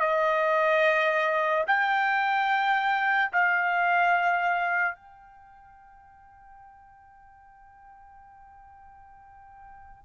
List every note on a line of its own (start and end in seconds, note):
0.00 1.64 D#5
1.67 3.31 G5
3.33 4.96 F5
4.96 10.05 G5